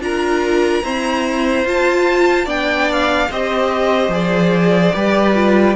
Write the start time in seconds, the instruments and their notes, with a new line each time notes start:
0.00 cello D4, viola F4, violin A#4 A#5
0.83 viola C4, cello E4, violin C5
1.64 cello F4, viola F4, violin A5
2.46 cello B3, viola D4, violin D5 G5
2.92 violin F5
3.30 cello C4, viola G4, violin C5 D#5
4.09 cello F3, viola G#4, violin D5
4.93 cello G3, viola G4, violin B4
5.35 viola F4